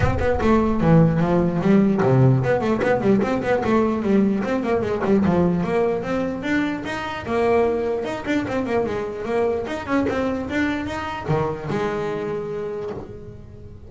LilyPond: \new Staff \with { instrumentName = "double bass" } { \time 4/4 \tempo 4 = 149 c'8 b8 a4 e4 f4 | g4 c4 b8 a8 b8 g8 | c'8 b8 a4 g4 c'8 ais8 | gis8 g8 f4 ais4 c'4 |
d'4 dis'4 ais2 | dis'8 d'8 c'8 ais8 gis4 ais4 | dis'8 cis'8 c'4 d'4 dis'4 | dis4 gis2. | }